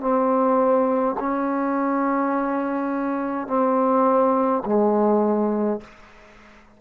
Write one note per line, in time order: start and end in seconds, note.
0.00 1.15 C4
1.19 3.47 C#4
3.47 4.63 C4
4.65 5.81 G#3